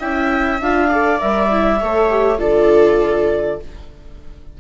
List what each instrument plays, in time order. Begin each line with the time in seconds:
0.00 bassoon C#4, viola E4 E5, clarinet G5
0.61 bassoon D4, viola F4, clarinet F5
0.90 viola A4 D5
1.20 bassoon G3, viola A#4, clarinet E5
1.51 viola E4
1.80 bassoon A3, viola A4 C#5
2.10 viola G4
2.38 bassoon D3, viola F4 A4, clarinet D5